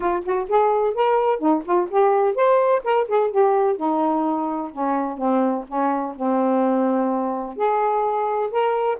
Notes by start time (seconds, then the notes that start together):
0.00 F4
0.24 F#4
0.49 G#4
0.94 A#4
1.39 D#4
1.65 F4
1.90 G4
2.35 C5
2.83 A#4
3.08 G#4
3.30 G4
3.76 D#4
4.72 C#4
5.17 C4
5.68 C#4
6.16 C4
7.56 G#4
8.51 A#4